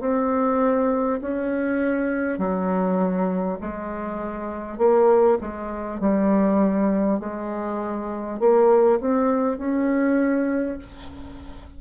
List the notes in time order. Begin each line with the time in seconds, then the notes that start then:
0.00 C4
1.21 C#4
2.38 F#3
3.61 G#3
4.78 A#3
5.41 G#3
6.00 G3
7.19 G#3
8.39 A#3
9.01 C4
9.58 C#4